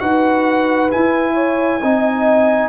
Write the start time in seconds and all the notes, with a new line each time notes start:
0.00 D#4 F#4 B4 F#5
0.90 E4 G#5
1.34 C#5
1.82 C4 D#4 D#5